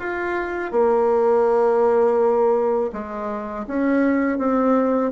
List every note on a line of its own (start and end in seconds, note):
0.00 0.72 F4
0.72 2.91 A#3
2.93 3.66 G#3
3.68 4.39 C#4
4.39 5.12 C4